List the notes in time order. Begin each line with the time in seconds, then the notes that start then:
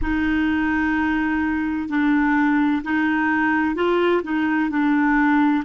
0.01 D#4
1.88 D4
2.83 D#4
3.75 F4
4.23 D#4
4.70 D4